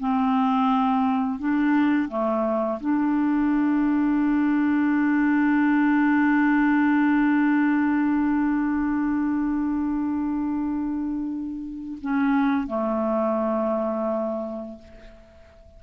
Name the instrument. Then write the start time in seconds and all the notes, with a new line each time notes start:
clarinet
0.00 C4
1.39 D4
2.09 A3
2.80 D4
12.02 C#4
12.67 A3